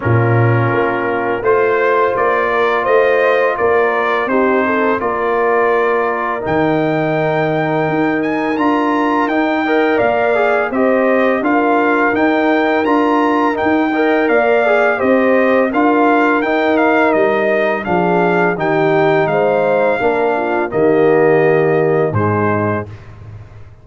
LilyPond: <<
  \new Staff \with { instrumentName = "trumpet" } { \time 4/4 \tempo 4 = 84 ais'2 c''4 d''4 | dis''4 d''4 c''4 d''4~ | d''4 g''2~ g''8 gis''8 | ais''4 g''4 f''4 dis''4 |
f''4 g''4 ais''4 g''4 | f''4 dis''4 f''4 g''8 f''8 | dis''4 f''4 g''4 f''4~ | f''4 dis''2 c''4 | }
  \new Staff \with { instrumentName = "horn" } { \time 4/4 f'2 c''4. ais'8 | c''4 ais'4 g'8 a'8 ais'4~ | ais'1~ | ais'4. dis''8 d''4 c''4 |
ais'2.~ ais'8 dis''8 | d''4 c''4 ais'2~ | ais'4 gis'4 g'4 c''4 | ais'8 f'8 g'2 dis'4 | }
  \new Staff \with { instrumentName = "trombone" } { \time 4/4 cis'2 f'2~ | f'2 dis'4 f'4~ | f'4 dis'2. | f'4 dis'8 ais'4 gis'8 g'4 |
f'4 dis'4 f'4 dis'8 ais'8~ | ais'8 gis'8 g'4 f'4 dis'4~ | dis'4 d'4 dis'2 | d'4 ais2 gis4 | }
  \new Staff \with { instrumentName = "tuba" } { \time 4/4 ais,4 ais4 a4 ais4 | a4 ais4 c'4 ais4~ | ais4 dis2 dis'4 | d'4 dis'4 ais4 c'4 |
d'4 dis'4 d'4 dis'4 | ais4 c'4 d'4 dis'4 | g4 f4 dis4 gis4 | ais4 dis2 gis,4 | }
>>